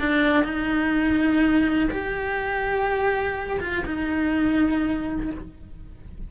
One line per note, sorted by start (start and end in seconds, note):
0.00 0.44 D4
0.44 1.90 D#4
1.91 3.60 G4
3.61 3.85 F4
3.86 5.31 D#4